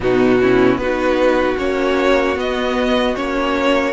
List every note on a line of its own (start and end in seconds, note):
0.00 0.76 B2
0.00 0.40 B3
0.00 0.41 D#4
0.00 0.77 F#4
0.41 0.80 C#4
0.41 0.81 E4
0.76 1.55 B3
0.76 1.57 D#4
0.76 3.92 F#4
0.76 1.56 B4
1.57 2.36 A#3
1.57 2.36 C#4
1.57 2.37 C#5
2.36 3.14 B3
2.36 3.15 B3
2.36 3.15 D#5
3.15 3.92 A#3
3.15 3.92 C#4
3.15 3.92 C#5